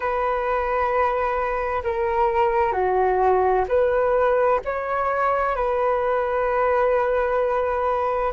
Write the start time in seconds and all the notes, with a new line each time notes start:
0.00 B4
1.83 A#4
2.72 F#4
3.68 B4
4.64 C#5
5.56 B4